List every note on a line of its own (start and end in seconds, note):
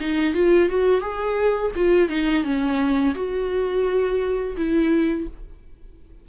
0.00 0.34 D#4
0.34 0.69 F4
0.69 1.01 F#4
1.01 1.71 G#4
1.76 2.09 F4
2.09 2.44 D#4
2.44 3.14 C#4
3.15 4.56 F#4
4.57 5.27 E4